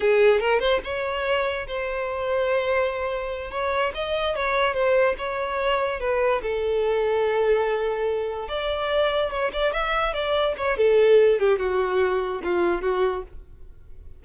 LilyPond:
\new Staff \with { instrumentName = "violin" } { \time 4/4 \tempo 4 = 145 gis'4 ais'8 c''8 cis''2 | c''1~ | c''8 cis''4 dis''4 cis''4 c''8~ | c''8 cis''2 b'4 a'8~ |
a'1~ | a'8 d''2 cis''8 d''8 e''8~ | e''8 d''4 cis''8 a'4. g'8 | fis'2 f'4 fis'4 | }